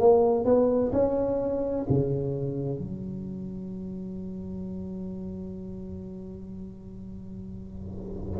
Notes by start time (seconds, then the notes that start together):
0.00 A#3
0.45 B3
0.92 C#4
1.89 C#3
2.79 F#3